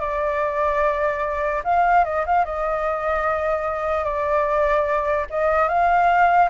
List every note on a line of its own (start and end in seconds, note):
0.00 1.62 D5
1.64 2.05 F5
2.05 2.25 D#5
2.26 2.45 F5
2.45 4.04 D#5
4.04 5.26 D5
5.30 5.68 D#5
5.68 6.49 F5